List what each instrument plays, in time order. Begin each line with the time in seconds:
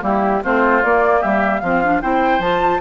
0.00 bassoon G3, clarinet A#3, oboe E4, flute G4
0.43 bassoon A3, clarinet C4, oboe F4, flute C5
0.83 bassoon A#3, clarinet A#3, flute D5
1.20 bassoon G3, oboe G4, flute E5
1.60 bassoon F3, clarinet C4, oboe F4, flute F5
1.83 clarinet D4
2.02 bassoon C4, clarinet E4, oboe C5, flute G5
2.39 bassoon F3, clarinet F4, flute A5